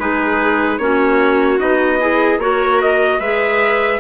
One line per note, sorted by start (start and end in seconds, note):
0.00 0.79 G#3
0.00 0.80 D#4
0.00 0.81 G#4
0.00 0.79 B4
0.79 1.59 A#3
0.79 1.59 C#4
0.79 2.01 F#4
0.79 1.59 C#5
1.59 2.39 B3
1.59 1.99 D#4
1.59 2.40 D#5
2.00 2.40 E4
2.00 2.41 G#4
2.39 3.19 A#3
2.39 3.21 F#4
2.39 3.20 A#4
2.39 2.81 C#5
2.82 3.20 D#5
3.20 4.00 G#3
3.20 4.00 G#4
3.20 4.00 B4
3.20 4.00 E5